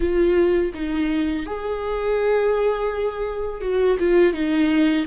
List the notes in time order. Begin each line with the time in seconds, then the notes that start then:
0.00 F4
0.74 D#4
1.46 G#4
3.61 F#4
3.99 F4
4.33 D#4